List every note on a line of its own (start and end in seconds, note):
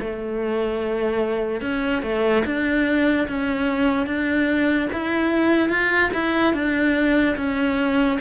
0.00 1.61 A3
1.61 2.02 C#4
2.02 2.44 A3
2.45 3.28 D4
3.28 4.06 C#4
4.06 4.89 D4
4.93 5.69 E4
5.69 6.10 F4
6.14 6.54 E4
6.54 7.36 D4
7.36 8.19 C#4